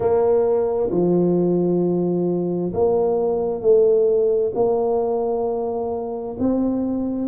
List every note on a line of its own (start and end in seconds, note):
0.00 0.90 A#3
0.90 2.72 F3
2.73 3.61 A#3
3.61 4.52 A3
4.55 6.36 A#3
6.39 7.27 C4